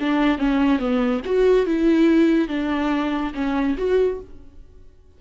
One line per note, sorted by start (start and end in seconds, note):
0.00 0.38 D4
0.38 0.79 C#4
0.79 1.21 B3
1.25 1.66 F#4
1.66 2.49 E4
2.49 3.33 D4
3.34 3.76 C#4
3.77 4.20 F#4